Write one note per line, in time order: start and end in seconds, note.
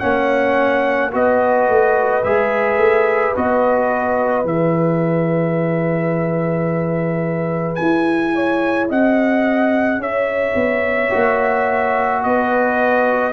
0.00 1.14 A#3
0.00 1.11 C#4
0.00 1.12 C#5
0.00 1.11 F#5
1.12 1.69 B3
1.12 2.23 F#4
1.12 8.35 B4
1.12 2.24 D#5
1.69 2.24 A3
2.24 2.78 G#3
2.24 3.35 G#4
2.24 3.35 E5
2.78 3.33 A3
3.36 4.44 B3
3.36 4.44 F#4
3.36 4.47 D#5
4.44 7.78 E3
4.44 11.11 G#4
4.44 7.76 E5
7.76 8.91 E4
7.76 8.87 G#5
8.35 8.90 C#5
8.90 9.98 C4
8.90 10.01 D#5
8.90 10.03 F#5
9.98 10.54 C#4
9.98 12.23 C#5
9.98 12.24 E5
10.55 11.11 B3
11.11 12.25 A#3
11.11 13.33 F#4
12.24 13.33 B3
12.24 13.33 B4
12.24 13.33 D#5